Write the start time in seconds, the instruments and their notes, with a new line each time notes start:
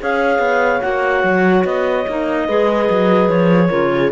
0.00 cello C#4, clarinet G#4 F5, horn C#5
0.38 cello B3
0.81 cello A#3, clarinet F#4 F#5
1.23 cello F#3
1.64 cello B3, clarinet D#5
2.07 cello A#3, clarinet D#4
2.46 cello G#3, clarinet G#4, horn B4
2.90 cello F#3
3.28 cello F3, clarinet C#5
3.68 cello C#3, clarinet F4, horn A#4
3.92 horn G#4